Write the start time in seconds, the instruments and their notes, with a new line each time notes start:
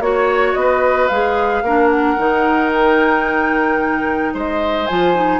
0.00 bassoon A#3, clarinet F#4, flute C#5, oboe C#5
0.54 bassoon B3, oboe B4, flute D#5
1.08 bassoon G#3, clarinet G#4, flute F5
1.62 bassoon A#3, clarinet D4, oboe A#4
1.90 flute F#5
2.18 bassoon D#3, clarinet D#4
2.73 flute G5
4.34 bassoon G#3, oboe C5, flute D#5
4.87 bassoon F3, clarinet F4, flute G#5
5.15 clarinet D#4